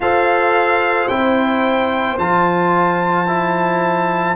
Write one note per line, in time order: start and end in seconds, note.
0.00 1.09 F4
0.00 1.09 A4
0.00 4.36 C5
0.00 1.07 F5
1.07 2.18 C4
1.07 2.18 E4
1.07 2.17 G5
2.18 4.36 F3
2.18 3.26 F4
2.18 4.36 A5
3.26 4.35 E4